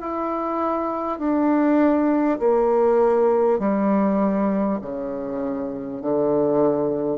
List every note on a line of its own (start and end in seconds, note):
0.00 1.18 E4
1.18 2.38 D4
2.39 3.59 A#3
3.59 4.79 G3
4.81 6.01 C#3
6.01 7.18 D3